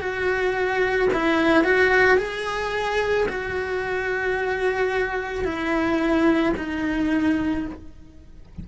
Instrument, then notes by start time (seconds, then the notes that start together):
cello
0.00 F#4
1.14 E4
1.64 F#4
2.18 G#4
3.29 F#4
5.44 E4
6.57 D#4